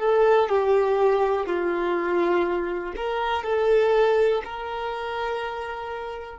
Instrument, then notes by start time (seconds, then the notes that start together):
violin
0.00 A4
0.49 G4
1.47 F4
2.96 A#4
3.44 A4
4.45 A#4